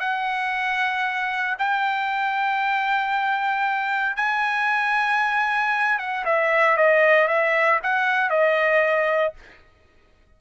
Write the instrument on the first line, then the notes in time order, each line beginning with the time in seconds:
trumpet
0.00 F#5
1.59 G5
4.16 G#5
5.99 F#5
6.25 E5
6.77 D#5
7.28 E5
7.83 F#5
8.30 D#5